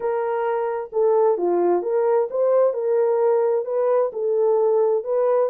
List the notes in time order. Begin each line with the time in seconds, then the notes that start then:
0.00 A#4
0.92 A4
1.37 F4
1.82 A#4
2.30 C5
2.73 A#4
3.65 B4
4.12 A4
5.04 B4